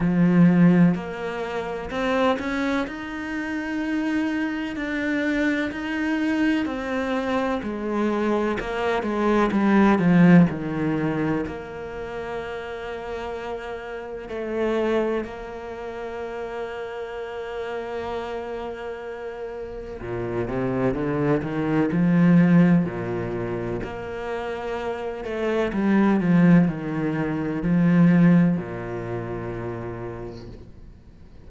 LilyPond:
\new Staff \with { instrumentName = "cello" } { \time 4/4 \tempo 4 = 63 f4 ais4 c'8 cis'8 dis'4~ | dis'4 d'4 dis'4 c'4 | gis4 ais8 gis8 g8 f8 dis4 | ais2. a4 |
ais1~ | ais4 ais,8 c8 d8 dis8 f4 | ais,4 ais4. a8 g8 f8 | dis4 f4 ais,2 | }